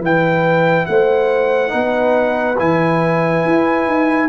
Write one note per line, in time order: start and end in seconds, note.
0.00 0.86 E3
0.00 1.69 E4
0.00 0.87 B4
0.00 0.86 G5
0.86 1.74 A3
0.86 1.72 C5
0.86 2.58 F#5
1.69 2.59 B3
1.69 2.55 D#4
1.69 4.29 B4
2.59 3.46 E3
2.59 4.30 E4
2.59 4.30 G#5
3.46 3.87 E4
3.87 4.30 D#4